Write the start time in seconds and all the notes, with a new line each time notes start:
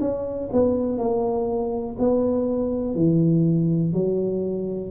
0.00 C#4
0.52 B3
0.98 A#3
1.99 B3
2.95 E3
3.93 F#3